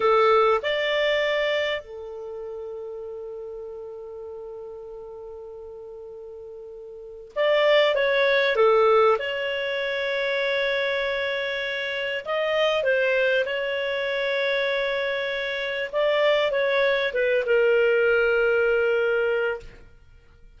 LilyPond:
\new Staff \with { instrumentName = "clarinet" } { \time 4/4 \tempo 4 = 98 a'4 d''2 a'4~ | a'1~ | a'1 | d''4 cis''4 a'4 cis''4~ |
cis''1 | dis''4 c''4 cis''2~ | cis''2 d''4 cis''4 | b'8 ais'2.~ ais'8 | }